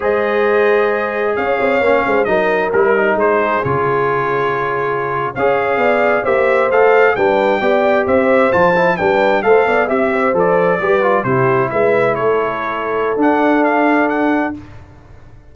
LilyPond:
<<
  \new Staff \with { instrumentName = "trumpet" } { \time 4/4 \tempo 4 = 132 dis''2. f''4~ | f''4 dis''4 ais'4 c''4 | cis''2.~ cis''8. f''16~ | f''4.~ f''16 e''4 f''4 g''16~ |
g''4.~ g''16 e''4 a''4 g''16~ | g''8. f''4 e''4 d''4~ d''16~ | d''8. c''4 e''4 cis''4~ cis''16~ | cis''4 fis''4 f''4 fis''4 | }
  \new Staff \with { instrumentName = "horn" } { \time 4/4 c''2. cis''4~ | cis''8 c''8 ais'2 gis'4~ | gis'2.~ gis'8. cis''16~ | cis''8. d''4 c''2 b'16~ |
b'8. d''4 c''2 b'16~ | b'8. c''8 d''8 e''8 c''4. b'16~ | b'8. g'4 b'4 a'4~ a'16~ | a'1 | }
  \new Staff \with { instrumentName = "trombone" } { \time 4/4 gis'1 | cis'4 dis'4 e'8 dis'4. | f'2.~ f'8. gis'16~ | gis'4.~ gis'16 g'4 a'4 d'16~ |
d'8. g'2 f'8 e'8 d'16~ | d'8. a'4 g'4 a'4 g'16~ | g'16 f'8 e'2.~ e'16~ | e'4 d'2. | }
  \new Staff \with { instrumentName = "tuba" } { \time 4/4 gis2. cis'8 c'8 | ais8 gis8 fis4 g4 gis4 | cis2.~ cis8. cis'16~ | cis'8. b4 ais4 a4 g16~ |
g8. b4 c'4 f4 g16~ | g8. a8 b8 c'4 f4 g16~ | g8. c4 gis4 a4~ a16~ | a4 d'2. | }
>>